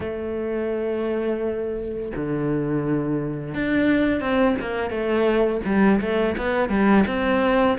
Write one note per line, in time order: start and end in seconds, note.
0.00 2.11 A3
2.15 3.54 D3
3.54 4.20 D4
4.20 4.56 C4
4.60 4.90 A#3
4.90 5.61 A3
5.65 6.00 G3
6.00 6.36 A3
6.37 6.69 B3
6.69 7.04 G3
7.07 7.77 C4